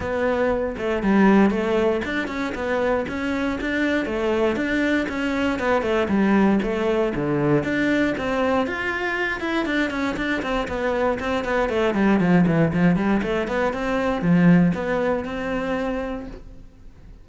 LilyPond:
\new Staff \with { instrumentName = "cello" } { \time 4/4 \tempo 4 = 118 b4. a8 g4 a4 | d'8 cis'8 b4 cis'4 d'4 | a4 d'4 cis'4 b8 a8 | g4 a4 d4 d'4 |
c'4 f'4. e'8 d'8 cis'8 | d'8 c'8 b4 c'8 b8 a8 g8 | f8 e8 f8 g8 a8 b8 c'4 | f4 b4 c'2 | }